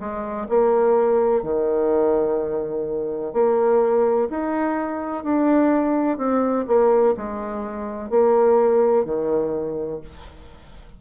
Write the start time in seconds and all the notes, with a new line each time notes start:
0.00 G#3
0.49 A#3
1.43 D#3
3.34 A#3
4.30 D#4
5.24 D4
6.18 C4
6.68 A#3
7.17 G#3
8.10 A#3
9.05 D#3